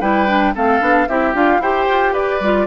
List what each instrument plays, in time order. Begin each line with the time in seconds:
0.00 bassoon G3, clarinet E4, oboe B4, flute G5
0.27 clarinet D4
0.54 bassoon A3, clarinet C4, oboe A4, flute F5
0.80 bassoon B3, clarinet D4
1.08 bassoon C4, clarinet E4, oboe G4, flute E5
1.34 bassoon D4, clarinet F4, flute F5
1.59 bassoon E4, clarinet G4, oboe C5, flute G5
1.88 bassoon F4
2.13 bassoon G4, oboe B4, flute D5
2.40 bassoon G3, clarinet F4